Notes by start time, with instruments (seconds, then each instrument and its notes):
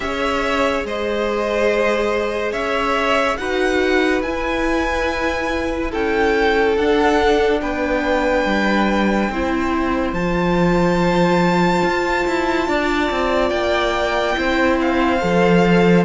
0.00 cello C#4, viola G#4, violin C#5 E5
0.83 cello G#3, violin C5 D#5
2.52 cello C#4, violin C#5 E5
3.37 cello D#4, viola F#4, violin B4 F#5
4.21 cello E4, viola E4, violin G#5
5.91 cello C#4, violin A4 G5
6.76 cello D4, viola D4, violin F#5
7.60 cello B3, violin B4 G5
8.45 cello G3
9.29 cello C4, viola E4, violin C5
10.12 cello F3, viola F4, violin A5
11.84 cello F4
12.26 cello E4
12.67 cello D4, violin D5
13.10 cello C4
13.49 cello A#3, violin G5
14.35 cello C4, viola E4, violin C5
14.81 violin F5
15.20 cello F3, viola A4